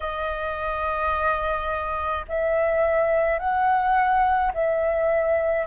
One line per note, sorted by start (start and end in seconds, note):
0.00 2.25 D#5
2.28 3.39 E5
3.39 4.52 F#5
4.54 5.66 E5